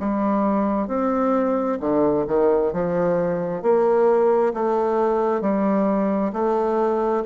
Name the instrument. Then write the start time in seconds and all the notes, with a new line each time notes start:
bassoon
0.00 G3
0.88 C4
1.80 D3
2.27 D#3
2.73 F3
3.62 A#3
4.54 A3
5.41 G3
6.33 A3